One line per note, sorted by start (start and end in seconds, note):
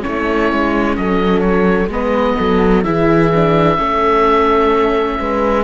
0.00 1.88 C#4
0.00 0.97 E4
0.00 0.96 C#5
0.07 0.52 A3
0.52 0.97 G#3
0.96 1.87 F#3
0.96 1.92 A4
0.96 1.39 D#5
1.39 1.86 C#5
1.87 2.34 G#3
1.87 2.84 B3
1.87 2.36 B4
1.87 2.83 D#5
2.36 2.85 F#3
2.36 2.83 A4
2.83 3.78 E3
2.83 3.31 E4
2.83 3.77 G#4
2.83 5.64 E5
3.34 3.77 D4
3.77 5.19 A3
3.77 5.64 C#4
3.77 5.18 A4
5.19 5.64 G#3
5.19 5.64 B4